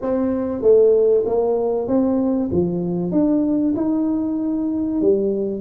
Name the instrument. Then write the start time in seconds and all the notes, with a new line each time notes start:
tuba
0.01 C4
0.62 A3
1.26 A#3
1.87 C4
2.51 F3
3.11 D4
3.76 D#4
5.01 G3